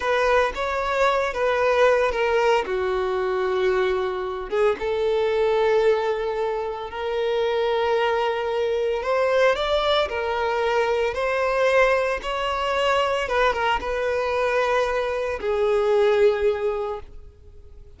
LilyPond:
\new Staff \with { instrumentName = "violin" } { \time 4/4 \tempo 4 = 113 b'4 cis''4. b'4. | ais'4 fis'2.~ | fis'8 gis'8 a'2.~ | a'4 ais'2.~ |
ais'4 c''4 d''4 ais'4~ | ais'4 c''2 cis''4~ | cis''4 b'8 ais'8 b'2~ | b'4 gis'2. | }